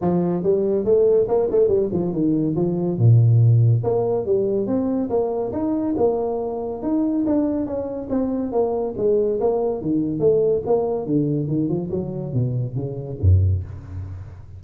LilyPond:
\new Staff \with { instrumentName = "tuba" } { \time 4/4 \tempo 4 = 141 f4 g4 a4 ais8 a8 | g8 f8 dis4 f4 ais,4~ | ais,4 ais4 g4 c'4 | ais4 dis'4 ais2 |
dis'4 d'4 cis'4 c'4 | ais4 gis4 ais4 dis4 | a4 ais4 d4 dis8 f8 | fis4 b,4 cis4 fis,4 | }